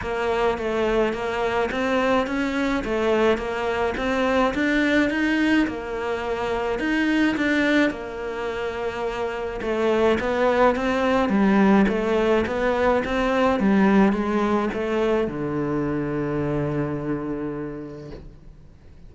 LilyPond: \new Staff \with { instrumentName = "cello" } { \time 4/4 \tempo 4 = 106 ais4 a4 ais4 c'4 | cis'4 a4 ais4 c'4 | d'4 dis'4 ais2 | dis'4 d'4 ais2~ |
ais4 a4 b4 c'4 | g4 a4 b4 c'4 | g4 gis4 a4 d4~ | d1 | }